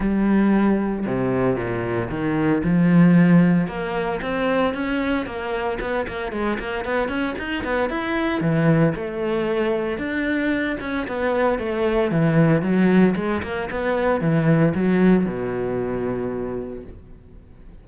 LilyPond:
\new Staff \with { instrumentName = "cello" } { \time 4/4 \tempo 4 = 114 g2 c4 ais,4 | dis4 f2 ais4 | c'4 cis'4 ais4 b8 ais8 | gis8 ais8 b8 cis'8 dis'8 b8 e'4 |
e4 a2 d'4~ | d'8 cis'8 b4 a4 e4 | fis4 gis8 ais8 b4 e4 | fis4 b,2. | }